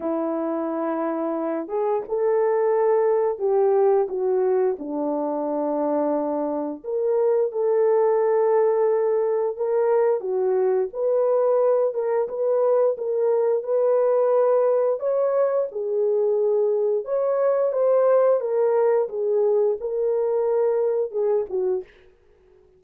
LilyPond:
\new Staff \with { instrumentName = "horn" } { \time 4/4 \tempo 4 = 88 e'2~ e'8 gis'8 a'4~ | a'4 g'4 fis'4 d'4~ | d'2 ais'4 a'4~ | a'2 ais'4 fis'4 |
b'4. ais'8 b'4 ais'4 | b'2 cis''4 gis'4~ | gis'4 cis''4 c''4 ais'4 | gis'4 ais'2 gis'8 fis'8 | }